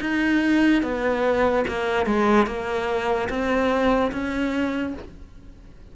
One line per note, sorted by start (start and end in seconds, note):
0.00 0.82 D#4
0.82 1.64 B3
1.67 2.05 A#3
2.05 2.46 G#3
2.46 3.28 A#3
3.29 4.11 C4
4.11 4.94 C#4